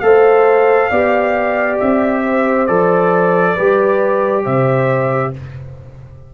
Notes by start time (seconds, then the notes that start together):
0.00 A3 A4 C5 F5
0.90 B3 G4 D5
1.80 C4 E5
2.24 C5
2.67 F3 A4 D5
3.55 G3 G4 B4
4.44 C3 C5 E5